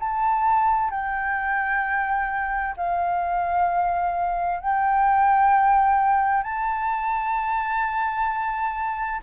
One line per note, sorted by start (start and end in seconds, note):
0.00 0.91 A5
0.91 2.75 G5
2.77 4.60 F5
4.60 6.44 G5
6.44 9.21 A5